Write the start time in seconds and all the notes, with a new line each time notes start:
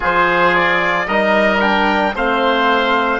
0.00 F3 F4 G#4 C5
0.55 D5
1.07 G3 D#4 A#4 D#5
1.60 D4 G5
2.15 A3 C4 C5 F5